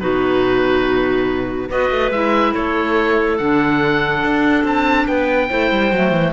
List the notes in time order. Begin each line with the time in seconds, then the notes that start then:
0.00 B2 D#4 F#4 B4
1.69 B3 F#4 B4 D#5
1.91 A3
2.11 G#3 E4 E5
2.53 A3 A4 C#5
3.38 D3 D4 F#5
4.24 D4
4.64 C4 A5
5.07 B3 B4 G5
5.50 A3 E4 C5
5.71 G3
5.91 F#3 A3
6.11 E3